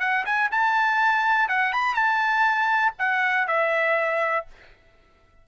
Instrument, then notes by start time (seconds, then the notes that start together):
trumpet
0.00 F#5
0.25 G#5
0.52 A5
1.49 F#5
1.73 B5
1.95 A5
2.99 F#5
3.47 E5